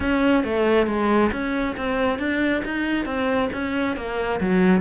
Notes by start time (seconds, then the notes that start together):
0.00 C#4
0.44 A3
0.86 G#3
1.32 C#4
1.77 C4
2.18 D4
2.64 D#4
3.05 C4
3.53 C#4
3.96 A#3
4.40 F#3